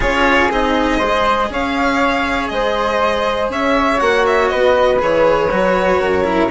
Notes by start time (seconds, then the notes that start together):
0.00 C#4 F4 G#4 C#5
0.51 C4 D#4 D#5
0.98 G#3 G#4 C5
1.49 C#4 C#5 F5
2.48 G#3 C5 D#5
3.49 C#4 C#5 E5
3.97 A#3 F#4 F#5
4.26 E5
4.48 B3 B4 D#5
4.99 E3 G#4 C#5
5.51 F#3 F#4
5.99 F#2 A#4
6.24 E4